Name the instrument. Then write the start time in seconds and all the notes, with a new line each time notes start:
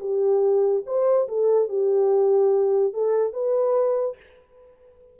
horn
0.00 G4
0.86 C5
1.28 A4
1.69 G4
2.94 A4
3.33 B4